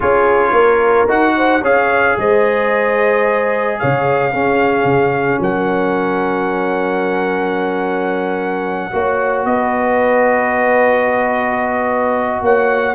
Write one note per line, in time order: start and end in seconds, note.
0.00 0.51 C#4
0.00 1.07 F4
0.00 0.52 G#4
0.00 1.09 C#5
0.51 1.05 A#3
0.51 1.34 A#4
1.07 1.62 D#4
1.07 1.61 F#4
1.07 1.64 F#5
1.36 1.61 C5
1.61 2.16 C#4
1.61 4.31 G#4
1.61 2.15 C#5
1.61 2.18 F5
2.17 3.79 G#3
2.17 3.80 C5
2.17 3.79 D#5
3.79 4.33 C#3
3.79 4.31 C#5
3.79 5.41 F5
4.31 8.91 C#4
4.31 4.84 C#4
4.31 5.39 G#4
4.84 5.38 C#3
5.39 8.91 F#3
5.39 8.92 A#4
5.39 9.45 F#5
8.91 9.45 A#3
8.91 12.94 F#4
8.91 9.46 C#5
9.45 12.42 B3
9.45 12.42 B4
9.45 12.42 D#5
12.42 12.94 A#3
12.42 12.94 C#5
12.42 12.94 F#5